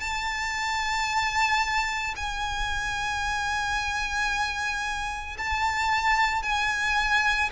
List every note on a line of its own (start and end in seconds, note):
0.00 2.14 A5
2.16 5.37 G#5
5.38 6.42 A5
6.42 7.50 G#5